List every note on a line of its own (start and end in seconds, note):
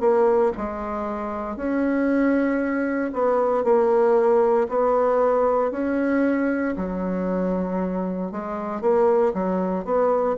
0.00 0.52 A#3
0.57 1.56 G#3
1.56 3.11 C#4
3.13 3.64 B3
3.64 4.67 A#3
4.68 5.71 B3
5.71 6.74 C#4
6.76 8.31 F#3
8.31 8.81 G#3
8.81 9.33 A#3
9.33 9.85 F#3
9.85 10.36 B3